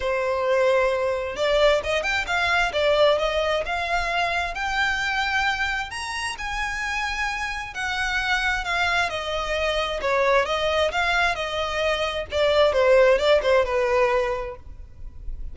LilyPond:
\new Staff \with { instrumentName = "violin" } { \time 4/4 \tempo 4 = 132 c''2. d''4 | dis''8 g''8 f''4 d''4 dis''4 | f''2 g''2~ | g''4 ais''4 gis''2~ |
gis''4 fis''2 f''4 | dis''2 cis''4 dis''4 | f''4 dis''2 d''4 | c''4 d''8 c''8 b'2 | }